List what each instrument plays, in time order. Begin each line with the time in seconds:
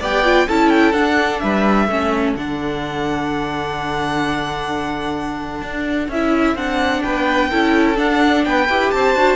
0.00 cello B3, viola G4, violin D5 G5
0.24 viola F4
0.48 cello C#4, viola E4, violin A4 A5
0.69 violin G5
0.93 cello D4, viola D4, violin F#5
1.40 cello G3, violin B4 E5
1.88 cello A3, viola C#4, violin A4
2.36 cello D3, viola D4, violin F#5
5.62 cello D4
6.08 cello C#4, viola E4, violin E5
6.55 cello C4, viola D4, violin F#5
7.03 cello B3, violin B4 G5
7.50 cello C#4, viola E4, violin A4
7.96 viola D4, cello D4, violin F#5
8.45 cello B3, violin B4 G5
8.69 cello E4, viola G4
8.91 cello C4, violin C5 A5
9.15 cello D4, viola F#4